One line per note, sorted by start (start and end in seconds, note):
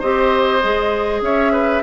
0.00 0.63 C4
0.00 0.62 G4
0.00 1.21 C5
0.00 1.23 D#5
0.63 1.22 G#3
0.63 1.83 G#4
1.22 1.82 C#4
1.22 1.53 C#5
1.22 1.83 E5
1.53 1.83 B4